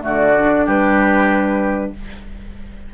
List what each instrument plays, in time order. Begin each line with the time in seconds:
0.00 bassoon D3, clarinet A3, oboe F#4, flute D5
0.38 clarinet D4
0.65 bassoon G3, oboe G4, flute B4